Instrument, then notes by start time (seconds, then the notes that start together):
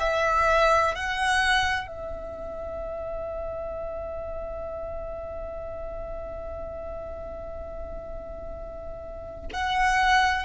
violin
0.00 E5
0.95 F#5
1.87 E5
9.54 F#5